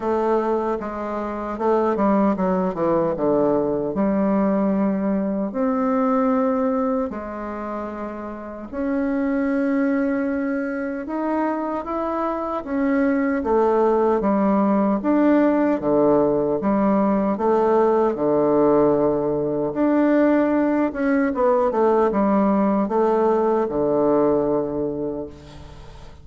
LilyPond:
\new Staff \with { instrumentName = "bassoon" } { \time 4/4 \tempo 4 = 76 a4 gis4 a8 g8 fis8 e8 | d4 g2 c'4~ | c'4 gis2 cis'4~ | cis'2 dis'4 e'4 |
cis'4 a4 g4 d'4 | d4 g4 a4 d4~ | d4 d'4. cis'8 b8 a8 | g4 a4 d2 | }